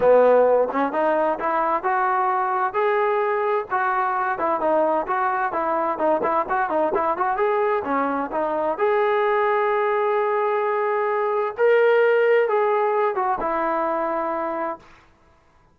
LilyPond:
\new Staff \with { instrumentName = "trombone" } { \time 4/4 \tempo 4 = 130 b4. cis'8 dis'4 e'4 | fis'2 gis'2 | fis'4. e'8 dis'4 fis'4 | e'4 dis'8 e'8 fis'8 dis'8 e'8 fis'8 |
gis'4 cis'4 dis'4 gis'4~ | gis'1~ | gis'4 ais'2 gis'4~ | gis'8 fis'8 e'2. | }